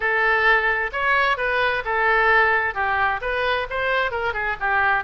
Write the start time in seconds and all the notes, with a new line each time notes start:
0.00 A4
0.92 C#5
1.37 B4
1.84 A4
2.74 G4
3.21 B4
3.70 C5
4.11 A#4
4.33 G#4
4.59 G4